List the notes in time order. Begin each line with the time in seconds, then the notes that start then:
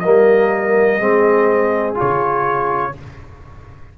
0.00 G3 A#3 A#4 D#5
0.98 G#3 C4 G#4
1.95 F4 C#5
2.01 C#3